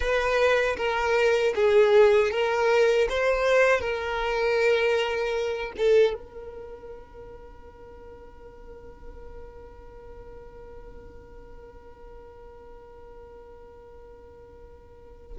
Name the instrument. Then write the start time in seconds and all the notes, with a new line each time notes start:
violin
0.00 B4
0.76 A#4
1.55 G#4
2.31 A#4
3.09 C5
3.80 A#4
5.77 A4
6.14 A#4